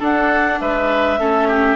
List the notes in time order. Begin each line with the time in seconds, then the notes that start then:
0.00 D4 A4 F#5
0.61 G#3 B4 E5
1.19 A3 C#4 A4
1.48 G4